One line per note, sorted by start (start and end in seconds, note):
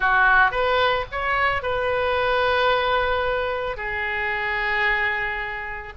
0.00 0.51 F#4
0.51 1.05 B4
1.11 1.62 C#5
1.62 3.76 B4
3.76 5.93 G#4